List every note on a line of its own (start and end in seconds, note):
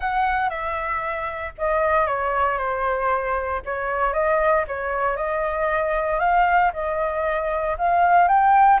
0.00 0.49 F#5
0.49 1.53 E5
1.58 2.07 D#5
2.07 2.58 C#5
2.58 3.61 C5
3.65 4.13 C#5
4.13 4.65 D#5
4.67 5.16 C#5
5.16 6.19 D#5
6.19 6.71 F5
6.73 7.76 D#5
7.78 8.28 F5
8.28 8.79 G5